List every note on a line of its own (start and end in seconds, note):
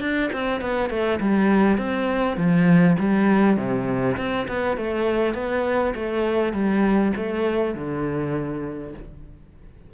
0.00 0.30 D4
0.32 0.61 C4
0.61 0.89 B3
0.89 1.19 A3
1.20 1.78 G3
1.78 2.37 C4
2.37 2.96 F3
2.99 3.57 G3
3.57 4.16 C3
4.17 4.47 C4
4.47 4.77 B3
4.77 5.34 A3
5.34 5.94 B3
5.95 6.53 A3
6.53 7.12 G3
7.16 7.74 A3
7.74 8.93 D3